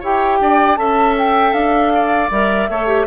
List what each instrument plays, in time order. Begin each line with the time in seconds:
0.00 bassoon E4, clarinet G4, oboe C#5, flute G5
0.41 bassoon D4, oboe D5
0.77 bassoon C#4, clarinet A4, oboe E5, flute A5
1.18 flute G5
1.53 bassoon D4, flute F5
1.95 oboe D5
2.31 bassoon G3, clarinet A#4, flute E5
2.69 bassoon A3, clarinet A4, oboe C#5
2.87 clarinet G4